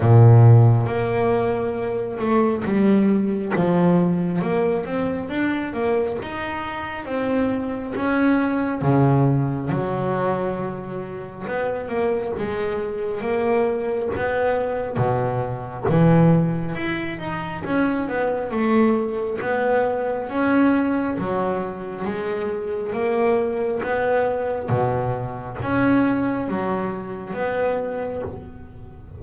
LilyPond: \new Staff \with { instrumentName = "double bass" } { \time 4/4 \tempo 4 = 68 ais,4 ais4. a8 g4 | f4 ais8 c'8 d'8 ais8 dis'4 | c'4 cis'4 cis4 fis4~ | fis4 b8 ais8 gis4 ais4 |
b4 b,4 e4 e'8 dis'8 | cis'8 b8 a4 b4 cis'4 | fis4 gis4 ais4 b4 | b,4 cis'4 fis4 b4 | }